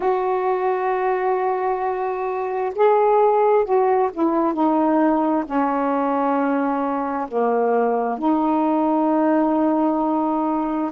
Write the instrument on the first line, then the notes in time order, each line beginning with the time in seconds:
saxophone
0.00 F#4
2.75 G#4
3.64 F#4
4.13 E4
4.53 D#4
5.45 C#4
7.28 A#3
8.18 D#4